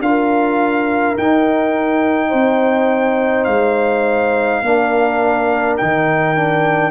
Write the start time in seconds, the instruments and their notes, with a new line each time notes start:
0.00 tuba D4, trombone F4, horn A#4, trumpet F5
1.17 tuba D#4, trombone D#4, trumpet G5
2.29 tuba C4, horn C5
3.44 tuba G#3, trumpet F5
4.62 tuba A#3, trombone D4, horn A#4
5.77 tuba D#3, trombone D#4, trumpet G5
6.36 trombone D4